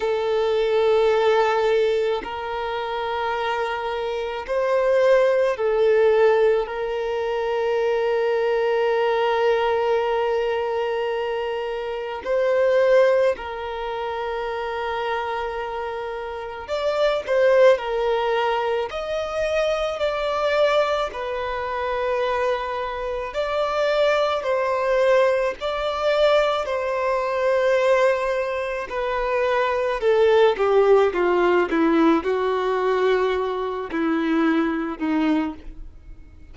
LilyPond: \new Staff \with { instrumentName = "violin" } { \time 4/4 \tempo 4 = 54 a'2 ais'2 | c''4 a'4 ais'2~ | ais'2. c''4 | ais'2. d''8 c''8 |
ais'4 dis''4 d''4 b'4~ | b'4 d''4 c''4 d''4 | c''2 b'4 a'8 g'8 | f'8 e'8 fis'4. e'4 dis'8 | }